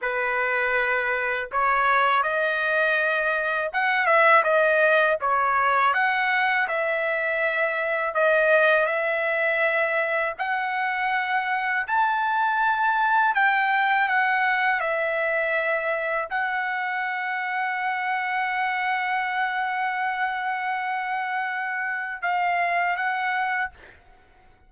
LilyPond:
\new Staff \with { instrumentName = "trumpet" } { \time 4/4 \tempo 4 = 81 b'2 cis''4 dis''4~ | dis''4 fis''8 e''8 dis''4 cis''4 | fis''4 e''2 dis''4 | e''2 fis''2 |
a''2 g''4 fis''4 | e''2 fis''2~ | fis''1~ | fis''2 f''4 fis''4 | }